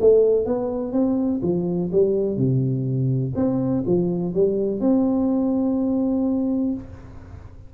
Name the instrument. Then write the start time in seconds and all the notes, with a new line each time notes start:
tuba
0.00 A3
0.45 B3
0.92 C4
1.42 F3
1.92 G3
2.37 C3
3.35 C4
3.86 F3
4.34 G3
4.80 C4